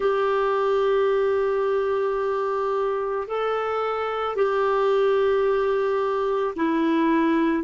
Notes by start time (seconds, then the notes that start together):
0.00 G4
3.27 A4
4.36 G4
6.56 E4